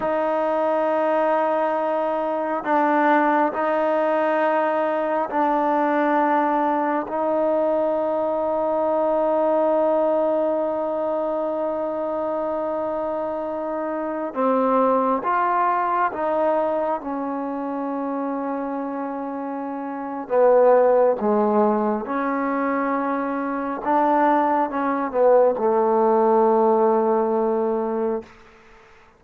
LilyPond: \new Staff \with { instrumentName = "trombone" } { \time 4/4 \tempo 4 = 68 dis'2. d'4 | dis'2 d'2 | dis'1~ | dis'1~ |
dis'16 c'4 f'4 dis'4 cis'8.~ | cis'2. b4 | gis4 cis'2 d'4 | cis'8 b8 a2. | }